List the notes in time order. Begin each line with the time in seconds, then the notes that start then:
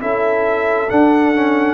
0.00 C#4 E4 A4 E5
0.90 D4 F#5
1.35 C#4